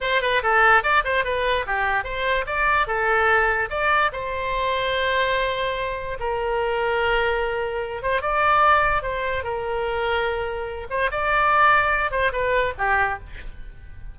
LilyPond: \new Staff \with { instrumentName = "oboe" } { \time 4/4 \tempo 4 = 146 c''8 b'8 a'4 d''8 c''8 b'4 | g'4 c''4 d''4 a'4~ | a'4 d''4 c''2~ | c''2. ais'4~ |
ais'2.~ ais'8 c''8 | d''2 c''4 ais'4~ | ais'2~ ais'8 c''8 d''4~ | d''4. c''8 b'4 g'4 | }